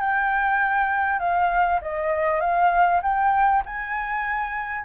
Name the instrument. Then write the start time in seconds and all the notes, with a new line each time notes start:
flute
0.00 G5
1.19 F5
1.82 D#5
2.40 F5
3.02 G5
3.66 G#5